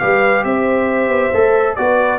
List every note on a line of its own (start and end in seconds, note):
0.00 0.45 G3
0.00 1.33 G4
0.00 0.45 B4
0.00 0.44 F5
0.45 1.08 C4
0.45 1.79 C5
0.45 1.76 E5
1.08 1.31 B3
1.34 1.78 A3
1.34 1.78 A4
1.76 2.20 B3
1.76 2.20 F#4
1.76 2.20 B4
1.76 2.20 D5